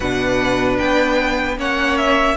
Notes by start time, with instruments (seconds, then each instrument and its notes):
0.00 cello B2, viola D4, violin B4 F#5
0.78 cello B3, violin G5
1.57 cello A#3, viola C#4, violin C#5 F#5
1.97 violin E5